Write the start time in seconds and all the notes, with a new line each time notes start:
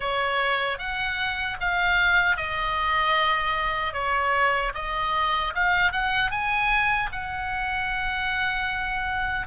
0.00 C#5
0.78 F#5
1.60 F5
2.36 D#5
3.93 C#5
4.74 D#5
5.54 F5
5.92 F#5
6.31 G#5
7.12 F#5